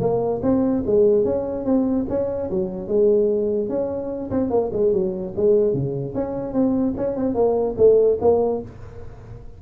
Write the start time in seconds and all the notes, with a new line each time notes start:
0.00 A#3
0.42 C4
0.86 G#3
1.24 C#4
1.65 C4
2.09 C#4
2.50 F#3
2.87 G#3
3.69 C#4
4.30 C4
4.50 A#3
4.73 G#3
4.93 F#3
5.36 G#3
5.73 C#3
6.14 C#4
6.53 C4
6.97 C#4
7.16 C4
7.34 A#3
7.77 A3
8.20 A#3